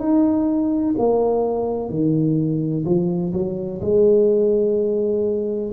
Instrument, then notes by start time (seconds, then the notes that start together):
tuba
0.00 D#4
0.98 A#3
1.90 D#3
2.86 F3
3.34 F#3
3.82 G#3